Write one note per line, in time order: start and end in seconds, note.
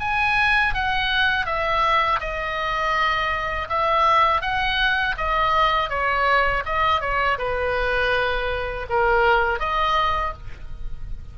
0.00 0.74 G#5
0.74 1.46 F#5
1.46 2.20 E5
2.20 3.68 D#5
3.69 4.41 E5
4.41 5.15 F#5
5.17 5.89 D#5
5.89 6.63 C#5
6.65 7.01 D#5
7.01 7.37 C#5
7.38 8.87 B4
8.90 9.59 A#4
9.59 10.33 D#5